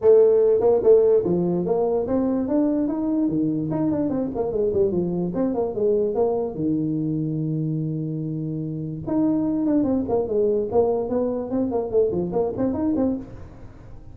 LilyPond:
\new Staff \with { instrumentName = "tuba" } { \time 4/4 \tempo 4 = 146 a4. ais8 a4 f4 | ais4 c'4 d'4 dis'4 | dis4 dis'8 d'8 c'8 ais8 gis8 g8 | f4 c'8 ais8 gis4 ais4 |
dis1~ | dis2 dis'4. d'8 | c'8 ais8 gis4 ais4 b4 | c'8 ais8 a8 f8 ais8 c'8 dis'8 c'8 | }